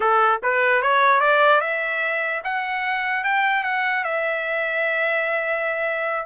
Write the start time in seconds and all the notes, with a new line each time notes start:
0.00 A4
0.43 B4
0.81 C#5
1.20 D5
1.61 E5
2.44 F#5
3.24 G5
3.63 F#5
4.04 E5